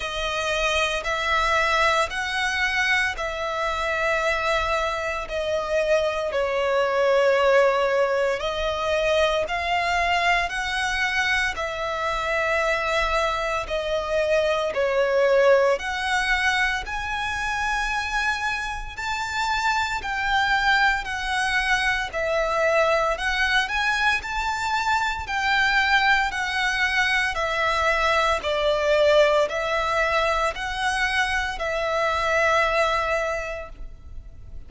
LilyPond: \new Staff \with { instrumentName = "violin" } { \time 4/4 \tempo 4 = 57 dis''4 e''4 fis''4 e''4~ | e''4 dis''4 cis''2 | dis''4 f''4 fis''4 e''4~ | e''4 dis''4 cis''4 fis''4 |
gis''2 a''4 g''4 | fis''4 e''4 fis''8 gis''8 a''4 | g''4 fis''4 e''4 d''4 | e''4 fis''4 e''2 | }